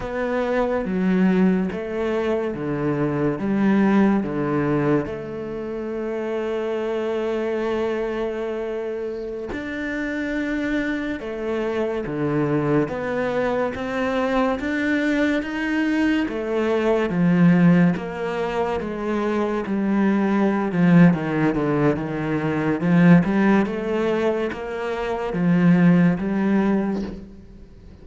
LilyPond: \new Staff \with { instrumentName = "cello" } { \time 4/4 \tempo 4 = 71 b4 fis4 a4 d4 | g4 d4 a2~ | a2.~ a16 d'8.~ | d'4~ d'16 a4 d4 b8.~ |
b16 c'4 d'4 dis'4 a8.~ | a16 f4 ais4 gis4 g8.~ | g8 f8 dis8 d8 dis4 f8 g8 | a4 ais4 f4 g4 | }